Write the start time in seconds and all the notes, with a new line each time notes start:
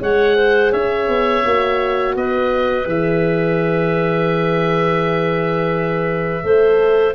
0.00 G#3 G#4 C#5 F#5
0.36 C5
0.72 C#4 C#5 E5
1.08 B3
1.44 A#3 F#4
2.15 B3 B4 D#5
2.85 E3 G#4 E5
6.43 A3 A4 C5